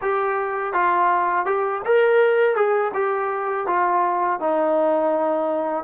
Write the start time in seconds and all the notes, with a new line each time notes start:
0.01 G4
0.73 F4
1.45 G4
1.85 A#4
2.55 G#4
2.94 G4
3.66 F4
4.40 D#4